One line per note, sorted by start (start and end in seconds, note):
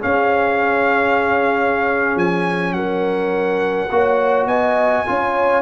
0.00 3.89 C#4
0.00 2.16 C#4
0.00 2.74 G#4
0.00 2.18 F5
2.16 2.73 F3
2.16 2.73 G#5
2.73 3.88 F#3
2.73 3.91 A#4
2.73 4.46 F#5
3.91 4.46 A#3
3.91 5.06 F#4
3.91 4.48 C#5
4.46 5.04 B3
4.46 5.05 D#5
4.46 5.62 G#5
5.06 5.62 C#4
5.06 5.62 F4
5.06 5.62 C#5